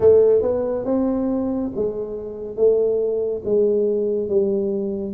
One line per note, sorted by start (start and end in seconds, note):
0.00 0.42 A3
0.42 0.85 B3
0.85 1.71 C4
1.75 2.56 G#3
2.56 3.42 A3
3.44 4.29 G#3
4.29 5.14 G3